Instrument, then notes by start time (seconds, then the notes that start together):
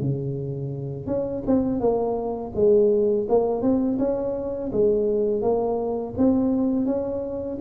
tuba
0.00 C#3
1.06 C#4
1.47 C4
1.80 A#3
2.55 G#3
3.29 A#3
3.61 C4
3.99 C#4
4.72 G#3
5.42 A#3
6.17 C4
6.85 C#4